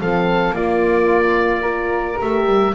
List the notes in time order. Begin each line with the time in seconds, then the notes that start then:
0.00 F3 C4 A4 F5
0.50 A#3 F4 D5
1.60 F4 A#4
2.19 A3 G4 E5
2.45 G3